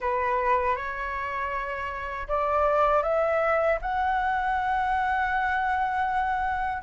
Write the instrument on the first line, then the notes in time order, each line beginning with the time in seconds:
flute
0.00 B4
0.76 C#5
2.28 D5
3.02 E5
3.81 F#5